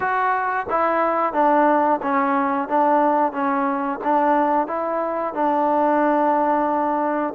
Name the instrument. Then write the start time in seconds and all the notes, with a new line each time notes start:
trombone
0.00 F#4
0.69 E4
1.33 D4
2.02 C#4
2.68 D4
3.32 C#4
4.03 D4
4.67 E4
5.34 D4